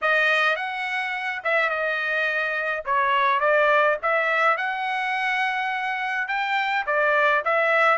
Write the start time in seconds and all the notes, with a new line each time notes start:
0.01 D#5
0.56 F#5
1.44 E5
1.69 D#5
2.85 C#5
3.40 D5
4.02 E5
4.57 F#5
6.28 G5
6.86 D5
7.44 E5